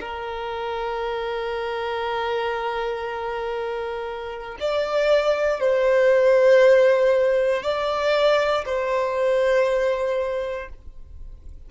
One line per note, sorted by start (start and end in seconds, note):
0.00 4.58 A#4
4.59 5.60 D5
5.60 7.63 C5
7.63 8.64 D5
8.65 10.68 C5